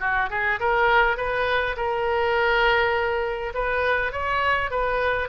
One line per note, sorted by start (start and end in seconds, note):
0.00 0.29 F#4
0.30 0.59 G#4
0.60 1.17 A#4
1.17 1.76 B4
1.77 3.53 A#4
3.54 4.12 B4
4.12 4.71 C#5
4.71 5.29 B4